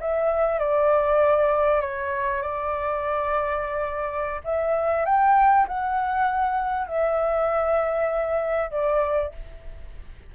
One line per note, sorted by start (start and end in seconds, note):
0.00 0.59 E5
0.59 1.81 D5
1.81 2.42 C#5
2.42 4.41 D5
4.44 5.05 E5
5.05 5.66 G5
5.67 6.87 F#5
6.87 8.70 E5
8.70 9.32 D5